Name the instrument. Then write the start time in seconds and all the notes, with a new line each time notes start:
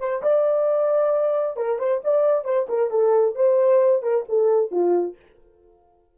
horn
0.00 C5
0.23 D5
1.57 A#4
1.79 C5
2.04 D5
2.45 C5
2.69 A#4
2.91 A4
3.36 C5
4.03 A#4
4.29 A4
4.72 F4